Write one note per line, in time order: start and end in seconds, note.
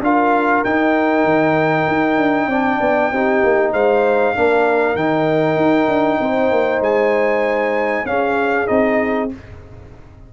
0.00 0.62 D4
0.00 0.65 F4
0.00 2.48 A#4
0.00 0.64 F5
0.64 1.24 D#4
0.64 2.51 D#4
0.64 3.73 G5
1.24 1.86 D#3
1.87 2.17 D#4
2.17 2.47 D4
2.47 2.77 C4
2.47 3.13 D4
2.47 3.10 D5
2.80 3.11 B3
3.11 3.42 C4
3.11 4.35 D#4
3.11 3.72 G4
3.43 3.72 A#3
3.72 4.34 G#3
3.72 4.34 C5
3.72 4.95 F5
4.34 4.95 A#3
4.34 4.96 D4
4.34 6.20 A#4
4.95 5.56 D#3
4.95 8.06 D#4
4.95 6.81 G5
5.56 5.87 D#4
5.87 6.18 D4
6.20 6.50 C4
6.20 8.07 C5
6.50 6.80 A#3
6.80 8.03 G#3
6.80 8.06 G#5
8.05 8.67 C#4
8.05 8.66 C#4
8.05 9.33 G#4
8.05 8.67 F5
8.66 9.31 C4
8.66 9.28 D#4
8.66 9.28 D#5